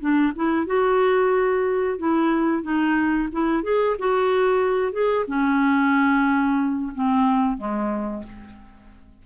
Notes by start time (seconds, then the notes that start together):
0.00 D4
0.36 E4
0.67 F#4
1.98 E4
2.63 D#4
3.32 E4
3.64 G#4
3.99 F#4
4.93 G#4
5.28 C#4
6.95 C4
7.58 G#3